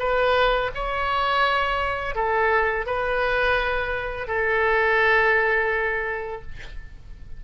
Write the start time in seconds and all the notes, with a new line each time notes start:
0.00 B4
0.75 C#5
2.15 A4
2.87 B4
4.28 A4